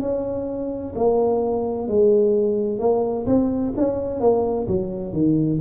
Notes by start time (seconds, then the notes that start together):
0.00 C#4
0.95 A#3
1.87 G#3
2.79 A#3
3.26 C4
3.77 C#4
4.20 A#3
4.67 F#3
5.12 D#3